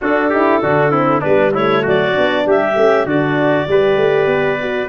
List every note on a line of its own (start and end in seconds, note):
0.01 0.62 D4
0.01 0.32 D4
0.01 0.29 F#4
0.01 1.21 A4
0.29 0.61 E4
0.29 0.60 G4
0.61 1.24 D3
0.61 0.91 D4
0.61 0.91 F#4
0.91 1.21 C4
0.91 1.21 E4
1.21 1.85 G3
1.21 1.52 B3
1.21 1.51 D4
1.21 1.52 B4
1.53 2.12 A3
1.53 1.82 E4
1.53 1.85 C#5
1.82 2.17 F#3
1.82 2.43 F#4
1.82 2.48 D5
2.12 2.46 B3
2.12 2.73 D4
2.46 2.75 G3
2.46 3.05 G4
2.46 3.06 E5
2.75 3.05 A3
2.75 3.07 C#4
3.05 3.66 D3
3.05 3.66 D4
3.05 3.67 F#4
3.05 4.88 D5
3.66 3.96 G3
3.66 4.58 G4
3.66 4.88 B4
3.96 4.26 A3
4.26 4.87 B3
4.60 4.88 F#4